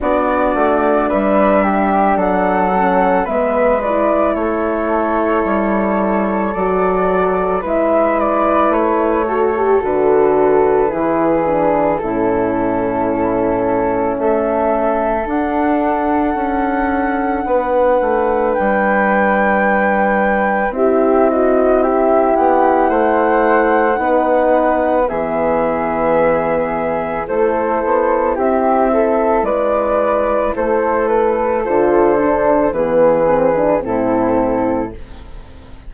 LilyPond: <<
  \new Staff \with { instrumentName = "flute" } { \time 4/4 \tempo 4 = 55 d''4 e''4 fis''4 e''8 d''8 | cis''2 d''4 e''8 d''8 | cis''4 b'2 a'4~ | a'4 e''4 fis''2~ |
fis''4 g''2 e''8 dis''8 | e''8 fis''2~ fis''8 e''4~ | e''4 c''4 e''4 d''4 | c''8 b'8 c''4 b'4 a'4 | }
  \new Staff \with { instrumentName = "flute" } { \time 4/4 fis'4 b'8 g'8 a'4 b'4 | a'2. b'4~ | b'8 a'4. gis'4 e'4~ | e'4 a'2. |
b'2. g'8 fis'8 | g'4 c''4 b'4 gis'4~ | gis'4 a'4 g'8 a'8 b'4 | a'2 gis'4 e'4 | }
  \new Staff \with { instrumentName = "horn" } { \time 4/4 d'2~ d'8 cis'8 b8 e'8~ | e'2 fis'4 e'4~ | e'8 fis'16 g'16 fis'4 e'8 d'8 cis'4~ | cis'2 d'2~ |
d'2. e'4~ | e'2 dis'4 b4~ | b4 e'2.~ | e'4 f'8 d'8 b8 c'16 d'16 c'4 | }
  \new Staff \with { instrumentName = "bassoon" } { \time 4/4 b8 a8 g4 fis4 gis4 | a4 g4 fis4 gis4 | a4 d4 e4 a,4~ | a,4 a4 d'4 cis'4 |
b8 a8 g2 c'4~ | c'8 b8 a4 b4 e4~ | e4 a8 b8 c'4 gis4 | a4 d4 e4 a,4 | }
>>